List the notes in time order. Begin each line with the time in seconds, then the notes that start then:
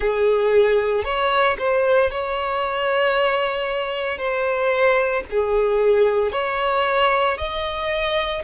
0.00 G#4
1.04 C#5
1.58 C5
2.11 C#5
4.18 C5
5.30 G#4
6.32 C#5
7.37 D#5